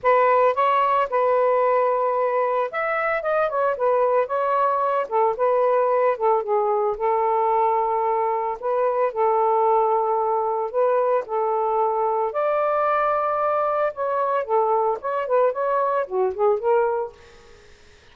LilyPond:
\new Staff \with { instrumentName = "saxophone" } { \time 4/4 \tempo 4 = 112 b'4 cis''4 b'2~ | b'4 e''4 dis''8 cis''8 b'4 | cis''4. a'8 b'4. a'8 | gis'4 a'2. |
b'4 a'2. | b'4 a'2 d''4~ | d''2 cis''4 a'4 | cis''8 b'8 cis''4 fis'8 gis'8 ais'4 | }